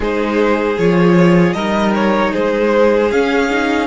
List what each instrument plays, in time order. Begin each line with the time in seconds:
0.00 cello G#3, viola D#4, violin G#4 C5
0.77 cello F3, viola F4, violin C#5
1.52 cello G3, viola D#4, violin A#4 D#5
1.94 violin C#5
2.32 cello G#3, violin G#4 C5
3.11 cello C#4, viola C#4, violin F5
3.50 viola D#4